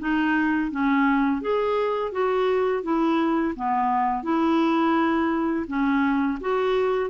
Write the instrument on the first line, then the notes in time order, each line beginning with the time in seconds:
clarinet
0.00 D#4
0.71 C#4
1.42 G#4
2.12 F#4
2.83 E4
3.56 B3
4.24 E4
5.68 C#4
6.41 F#4